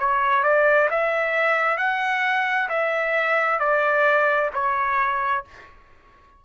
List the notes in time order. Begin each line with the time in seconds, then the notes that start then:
0.00 C#5
0.44 D5
0.91 E5
1.78 F#5
2.69 E5
3.60 D5
4.55 C#5